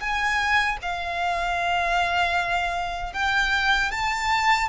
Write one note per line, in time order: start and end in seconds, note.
0.00 0.78 G#5
0.82 3.13 F5
3.13 3.91 G5
3.91 4.69 A5